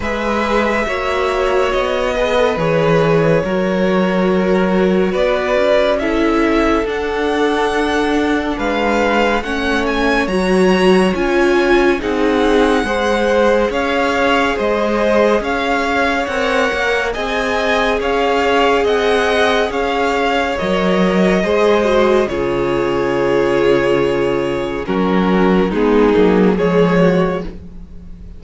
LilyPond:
<<
  \new Staff \with { instrumentName = "violin" } { \time 4/4 \tempo 4 = 70 e''2 dis''4 cis''4~ | cis''2 d''4 e''4 | fis''2 f''4 fis''8 gis''8 | ais''4 gis''4 fis''2 |
f''4 dis''4 f''4 fis''4 | gis''4 f''4 fis''4 f''4 | dis''2 cis''2~ | cis''4 ais'4 gis'4 cis''4 | }
  \new Staff \with { instrumentName = "violin" } { \time 4/4 b'4 cis''4. b'4. | ais'2 b'4 a'4~ | a'2 b'4 cis''4~ | cis''2 gis'4 c''4 |
cis''4 c''4 cis''2 | dis''4 cis''4 dis''4 cis''4~ | cis''4 c''4 gis'2~ | gis'4 fis'4 dis'4 gis'8 fis'8 | }
  \new Staff \with { instrumentName = "viola" } { \time 4/4 gis'4 fis'4. gis'16 a'16 gis'4 | fis'2. e'4 | d'2. cis'4 | fis'4 f'4 dis'4 gis'4~ |
gis'2. ais'4 | gis'1 | ais'4 gis'8 fis'8 f'2~ | f'4 cis'4 b8 ais8 gis4 | }
  \new Staff \with { instrumentName = "cello" } { \time 4/4 gis4 ais4 b4 e4 | fis2 b8 cis'4. | d'2 gis4 a4 | fis4 cis'4 c'4 gis4 |
cis'4 gis4 cis'4 c'8 ais8 | c'4 cis'4 c'4 cis'4 | fis4 gis4 cis2~ | cis4 fis4 gis8 fis8 f4 | }
>>